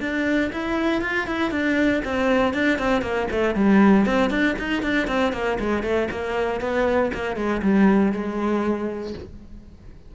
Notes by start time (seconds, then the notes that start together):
0.00 D4
0.52 E4
1.01 F4
1.27 E4
1.51 D4
2.04 C4
2.54 D4
2.79 C4
3.02 A#3
3.31 A3
3.55 G3
4.06 C4
4.30 D4
4.58 D#4
4.82 D4
5.07 C4
5.33 A#3
5.59 G#3
5.83 A3
6.11 A#3
6.60 B3
7.14 A#3
7.36 G#3
7.62 G3
8.12 G#3